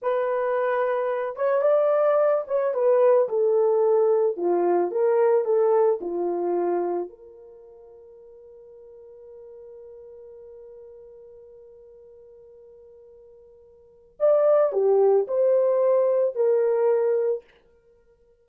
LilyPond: \new Staff \with { instrumentName = "horn" } { \time 4/4 \tempo 4 = 110 b'2~ b'8 cis''8 d''4~ | d''8 cis''8 b'4 a'2 | f'4 ais'4 a'4 f'4~ | f'4 ais'2.~ |
ais'1~ | ais'1~ | ais'2 d''4 g'4 | c''2 ais'2 | }